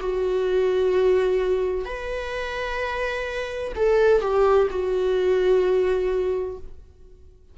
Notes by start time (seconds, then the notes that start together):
0.00 F#4
1.85 B4
3.75 A4
4.21 G4
4.70 F#4